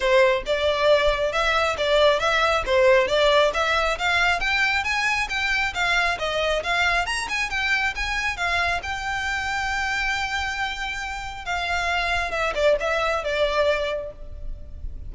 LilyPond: \new Staff \with { instrumentName = "violin" } { \time 4/4 \tempo 4 = 136 c''4 d''2 e''4 | d''4 e''4 c''4 d''4 | e''4 f''4 g''4 gis''4 | g''4 f''4 dis''4 f''4 |
ais''8 gis''8 g''4 gis''4 f''4 | g''1~ | g''2 f''2 | e''8 d''8 e''4 d''2 | }